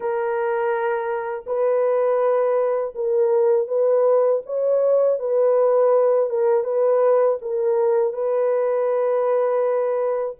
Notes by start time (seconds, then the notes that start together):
0.00 A#4
1.46 B4
2.95 A#4
3.67 B4
4.45 C#5
5.19 B4
6.29 A#4
6.64 B4
7.41 A#4
8.13 B4